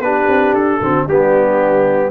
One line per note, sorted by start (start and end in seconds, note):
0.00 0.26 B3
0.00 0.82 D4
0.00 0.81 G4
0.00 0.53 B4
0.27 0.53 C4
0.54 0.80 D4
0.54 1.06 A4
0.81 1.07 D3
0.81 1.09 C4
0.81 1.06 F#4
1.06 2.10 G3
1.06 2.10 B3
1.06 2.10 D4
1.06 2.10 G4